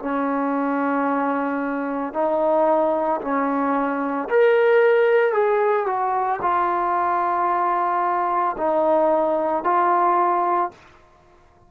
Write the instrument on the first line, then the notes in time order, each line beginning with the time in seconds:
trombone
0.00 C#4
2.14 D#4
3.22 C#4
4.30 A#4
5.33 G#4
5.86 F#4
6.42 F4
8.58 D#4
9.64 F4